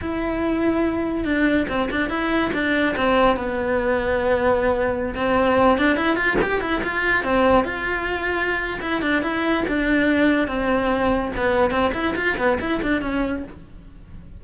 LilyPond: \new Staff \with { instrumentName = "cello" } { \time 4/4 \tempo 4 = 143 e'2. d'4 | c'8 d'8 e'4 d'4 c'4 | b1~ | b16 c'4. d'8 e'8 f'8 g'8 e'16~ |
e'16 f'4 c'4 f'4.~ f'16~ | f'4 e'8 d'8 e'4 d'4~ | d'4 c'2 b4 | c'8 e'8 f'8 b8 e'8 d'8 cis'4 | }